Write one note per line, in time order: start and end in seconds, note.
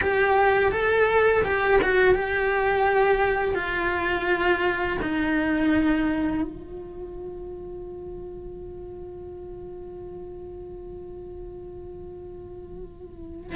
0.01 0.71 G4
0.71 1.43 A4
1.44 1.80 G4
1.81 2.14 F#4
2.14 3.55 G4
3.55 4.97 F4
5.02 6.42 D#4
6.42 13.55 F4